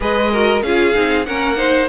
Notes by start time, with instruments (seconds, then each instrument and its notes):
0.00 cello G#3, viola G#4, violin B4 D#5
0.31 viola F#4, violin A#4
0.62 cello C#4, viola F4, violin G#4 F5
0.93 cello C4, viola D#4
1.25 cello A#3, viola C#4, violin A#4 F#5
1.56 viola D#4, violin C5